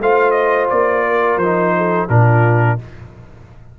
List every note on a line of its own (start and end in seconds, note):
0.00 0.70 A3
0.00 1.42 F4
0.00 1.06 C5
0.00 0.31 F5
0.31 0.66 D#5
0.70 1.37 A#3
0.70 1.38 D5
1.06 1.75 A#4
1.37 2.07 F3
1.37 2.09 D#4
1.37 2.08 C5
1.77 2.09 A4
2.09 2.79 A#2
2.09 2.79 D4
2.09 2.79 F4
2.09 2.79 A#4